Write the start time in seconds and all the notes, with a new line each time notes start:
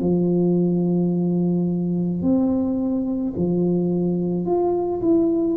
0.00 F3
2.22 C4
3.36 F3
4.46 F4
5.02 E4